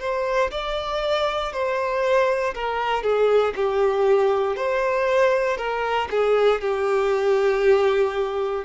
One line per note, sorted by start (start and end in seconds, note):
0.00 0.51 C5
0.51 1.53 D5
1.53 2.55 C5
2.55 3.03 A#4
3.03 3.54 G#4
3.56 4.57 G4
4.57 5.58 C5
5.58 6.09 A#4
6.11 6.61 G#4
6.61 8.65 G4